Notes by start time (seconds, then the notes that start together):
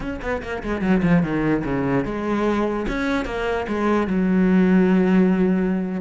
0.00 C#4
0.21 B3
0.42 A#3
0.63 G#3
0.81 F#3
1.02 F3
1.22 D#3
1.64 C#3
2.04 G#3
2.88 C#4
3.25 A#3
3.67 G#3
4.07 F#3